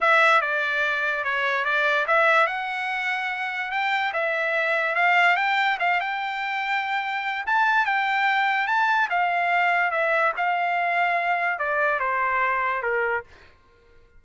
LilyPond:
\new Staff \with { instrumentName = "trumpet" } { \time 4/4 \tempo 4 = 145 e''4 d''2 cis''4 | d''4 e''4 fis''2~ | fis''4 g''4 e''2 | f''4 g''4 f''8 g''4.~ |
g''2 a''4 g''4~ | g''4 a''4 f''2 | e''4 f''2. | d''4 c''2 ais'4 | }